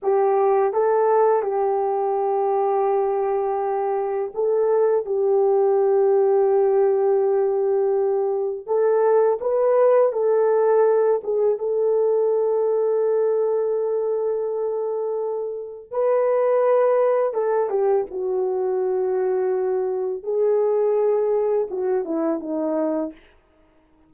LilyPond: \new Staff \with { instrumentName = "horn" } { \time 4/4 \tempo 4 = 83 g'4 a'4 g'2~ | g'2 a'4 g'4~ | g'1 | a'4 b'4 a'4. gis'8 |
a'1~ | a'2 b'2 | a'8 g'8 fis'2. | gis'2 fis'8 e'8 dis'4 | }